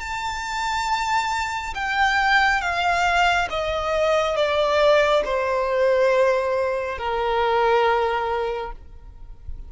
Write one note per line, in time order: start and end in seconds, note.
0.00 1.74 A5
1.74 2.61 G5
2.61 3.48 F5
3.50 4.36 D#5
4.36 5.23 D5
5.25 6.98 C5
6.98 8.72 A#4